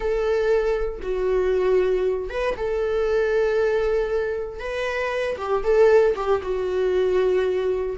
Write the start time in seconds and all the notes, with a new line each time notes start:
0.00 A4
1.02 F#4
2.29 B4
2.56 A4
4.59 B4
5.37 G4
5.63 A4
6.15 G4
6.42 F#4